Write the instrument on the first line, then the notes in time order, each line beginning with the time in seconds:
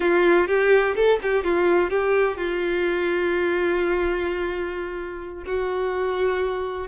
violin
0.00 F4
0.47 G4
0.95 A4
1.22 G4
1.43 F4
1.90 G4
2.37 F4
5.46 F#4